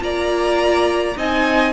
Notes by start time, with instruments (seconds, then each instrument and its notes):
0.00 cello A#3, viola F4, violin D5 A#5
1.16 cello C4, viola D#4, violin D#5 G#5